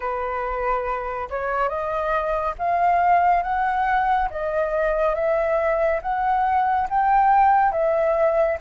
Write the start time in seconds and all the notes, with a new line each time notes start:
0.00 B4
1.30 C#5
1.68 D#5
2.58 F5
3.42 F#5
4.30 D#5
5.14 E5
6.02 F#5
6.89 G5
7.71 E5